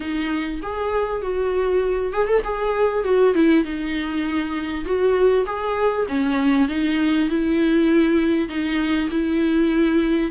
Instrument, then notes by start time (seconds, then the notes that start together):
viola
0.00 D#4
0.62 G#4
1.22 F#4
2.12 G#4
2.27 A4
2.44 G#4
3.04 F#4
3.34 E4
3.64 D#4
4.84 F#4
5.45 G#4
6.08 C#4
6.68 D#4
7.29 E4
8.48 D#4
9.10 E4